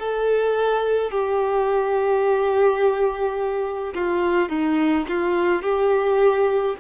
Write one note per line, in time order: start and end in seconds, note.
0.00 1.12 A4
1.12 3.95 G4
3.95 4.50 F4
4.50 5.06 D#4
5.08 5.63 F4
5.63 6.76 G4